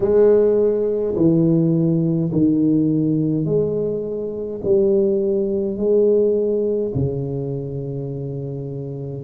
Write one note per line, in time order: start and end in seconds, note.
0.00 1.15 G#3
1.15 2.31 E3
2.32 3.45 D#3
3.45 4.60 G#3
4.64 5.76 G3
5.76 6.92 G#3
6.94 9.23 C#3